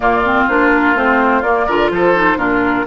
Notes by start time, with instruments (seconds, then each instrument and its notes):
0.00 bassoon A#2, clarinet A#3, oboe F4, flute D5
0.25 clarinet C4
0.47 bassoon A#3, clarinet D4, flute C5
0.73 flute A#4
0.94 bassoon A3, clarinet C4, flute C5
1.42 bassoon A#3, clarinet A#3, flute D5
1.66 bassoon D3, clarinet F4, oboe A#4
1.90 bassoon F3, oboe A4, flute C5
2.15 clarinet D#4
2.36 bassoon A#2, clarinet D4, oboe F4, flute A#4